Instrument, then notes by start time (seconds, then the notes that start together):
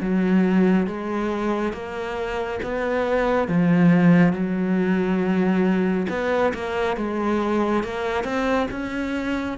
cello
0.00 F#3
0.87 G#3
1.73 A#3
2.62 B3
3.48 F3
4.33 F#3
6.09 B3
6.54 A#3
6.96 G#3
7.83 A#3
8.24 C4
8.71 C#4